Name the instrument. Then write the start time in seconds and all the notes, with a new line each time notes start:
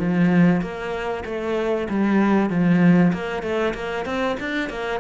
cello
0.00 F3
0.62 A#3
1.26 A3
1.90 G3
2.50 F3
3.13 A#3
3.43 A3
3.75 A#3
4.06 C4
4.40 D4
4.70 A#3